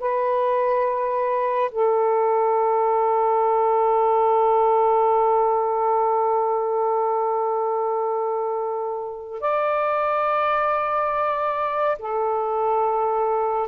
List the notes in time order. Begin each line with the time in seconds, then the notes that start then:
0.00 B4
1.72 A4
9.41 D5
11.99 A4